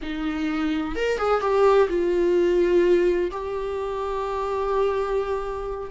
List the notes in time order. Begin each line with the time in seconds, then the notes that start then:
0.02 D#4
0.95 A#4
1.17 G#4
1.40 G4
1.89 F4
3.31 G4